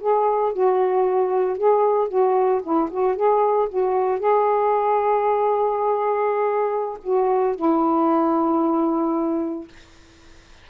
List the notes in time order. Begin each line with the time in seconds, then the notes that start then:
0.00 G#4
0.53 F#4
1.57 G#4
2.08 F#4
2.63 E4
2.90 F#4
3.15 G#4
3.69 F#4
4.19 G#4
7.03 F#4
7.56 E4